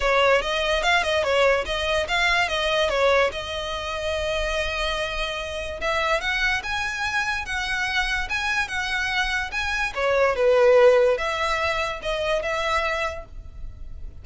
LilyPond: \new Staff \with { instrumentName = "violin" } { \time 4/4 \tempo 4 = 145 cis''4 dis''4 f''8 dis''8 cis''4 | dis''4 f''4 dis''4 cis''4 | dis''1~ | dis''2 e''4 fis''4 |
gis''2 fis''2 | gis''4 fis''2 gis''4 | cis''4 b'2 e''4~ | e''4 dis''4 e''2 | }